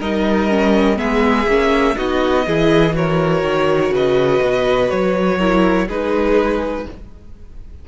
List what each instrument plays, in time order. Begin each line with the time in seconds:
0.00 cello G3, viola D#4, violin A#4 D#5
0.50 viola C#4
0.97 cello G#3, viola B3, violin G#4 E5
1.47 cello A#3, viola C#4
1.96 cello B3, viola D#4, violin F#4 D#5
2.47 cello E3, viola E4, violin G#4
2.93 viola F#4, violin A#4 C#5
3.43 cello D#3
3.90 cello C#3, violin B4 D#5
4.42 cello B2
4.90 cello F#3, violin C#5
5.38 viola E4, violin A#4
5.88 cello G#3, viola D#4, violin G#4 B4